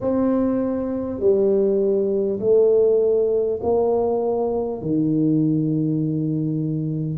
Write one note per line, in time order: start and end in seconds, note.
0.01 1.19 C4
1.19 2.39 G3
2.39 3.59 A3
3.63 4.81 A#3
4.81 7.18 D#3